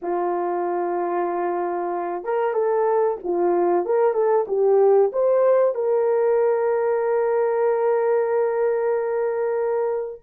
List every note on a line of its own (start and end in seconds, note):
0.01 2.23 F4
2.23 2.53 A#4
2.53 3.17 A4
3.23 3.85 F4
3.85 4.13 A#4
4.13 4.45 A4
4.47 5.11 G4
5.12 5.74 C5
5.74 10.21 A#4